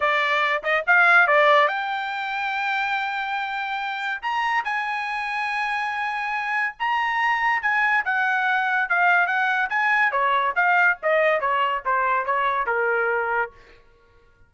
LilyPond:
\new Staff \with { instrumentName = "trumpet" } { \time 4/4 \tempo 4 = 142 d''4. dis''8 f''4 d''4 | g''1~ | g''2 ais''4 gis''4~ | gis''1 |
ais''2 gis''4 fis''4~ | fis''4 f''4 fis''4 gis''4 | cis''4 f''4 dis''4 cis''4 | c''4 cis''4 ais'2 | }